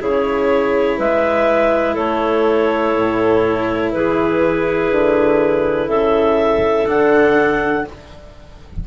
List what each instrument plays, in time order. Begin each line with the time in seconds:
0.00 bassoon C#3, cello E4, clarinet G#4 C#5
0.97 bassoon G#3, clarinet B4 E5
1.94 bassoon A3, clarinet A4 C#5
2.95 bassoon A2
3.92 bassoon E3, clarinet G#4 B4
4.90 bassoon D3
5.87 bassoon C#3, clarinet A4 E5
6.86 bassoon D3, cello D4, clarinet F#5